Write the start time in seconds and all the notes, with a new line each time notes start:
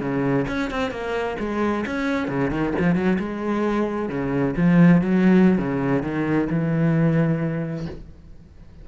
0.00 C#3
0.47 C#4
0.70 C4
0.91 A#3
1.39 G#3
1.86 C#4
2.28 C#3
2.50 D#3
2.79 F3
2.95 F#3
3.19 G#3
4.09 C#3
4.56 F3
5.01 F#3
5.58 C#3
6.02 D#3
6.49 E3